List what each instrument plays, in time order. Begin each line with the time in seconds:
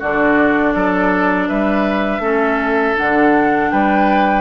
0.00 bassoon D3, clarinet D4, oboe F#4, flute D5
0.75 bassoon F#3, oboe A4
1.49 bassoon G3, oboe B4, flute E5
2.20 bassoon A3, clarinet C#4, oboe A4
2.96 bassoon D3, clarinet D4, flute F#5
3.71 bassoon G3, oboe B4, flute G5